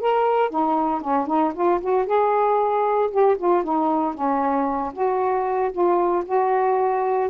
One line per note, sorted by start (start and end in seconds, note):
0.00 0.50 A#4
0.50 1.01 D#4
1.01 1.27 C#4
1.27 1.53 D#4
1.54 1.80 F4
1.81 2.06 F#4
2.06 3.10 G#4
3.11 3.37 G4
3.37 3.63 F4
3.63 4.14 D#4
4.14 4.93 C#4
4.93 5.72 F#4
5.72 6.24 F4
6.25 7.29 F#4